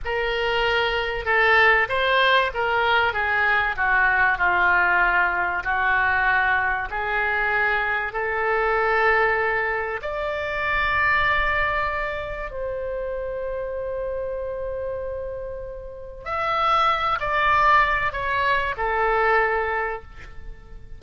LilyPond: \new Staff \with { instrumentName = "oboe" } { \time 4/4 \tempo 4 = 96 ais'2 a'4 c''4 | ais'4 gis'4 fis'4 f'4~ | f'4 fis'2 gis'4~ | gis'4 a'2. |
d''1 | c''1~ | c''2 e''4. d''8~ | d''4 cis''4 a'2 | }